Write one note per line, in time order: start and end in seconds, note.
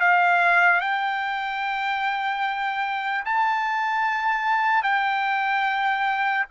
0.00 0.81 F5
0.81 3.24 G5
3.25 4.83 A5
4.83 6.45 G5